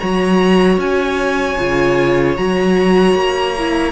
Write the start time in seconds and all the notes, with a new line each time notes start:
0.00 F#3 F#4 C#5 A#5
0.78 C#4 G#5
1.59 C#3 F4
2.37 F#3 F#4 A#5
3.15 A#3
3.59 E4